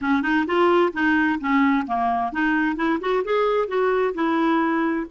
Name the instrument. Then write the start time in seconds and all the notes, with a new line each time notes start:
clarinet
0.01 C#4
0.22 D#4
0.46 F4
0.93 D#4
1.40 C#4
1.86 A#3
2.32 D#4
2.76 E4
3.00 F#4
3.24 G#4
3.68 F#4
4.14 E4